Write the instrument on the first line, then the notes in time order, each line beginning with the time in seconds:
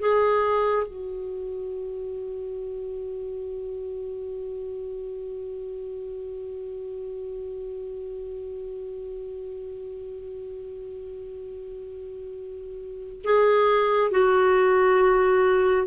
clarinet
0.00 G#4
0.87 F#4
13.24 G#4
14.12 F#4